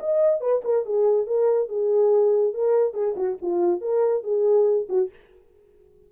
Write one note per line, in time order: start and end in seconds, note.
0.00 0.41 D#5
0.41 0.62 B4
0.65 0.86 A#4
0.86 1.27 G#4
1.27 1.69 A#4
1.69 2.54 G#4
2.54 2.94 A#4
2.94 3.15 G#4
3.17 3.38 F#4
3.42 3.81 F4
3.81 4.24 A#4
4.24 4.87 G#4
4.89 5.11 F#4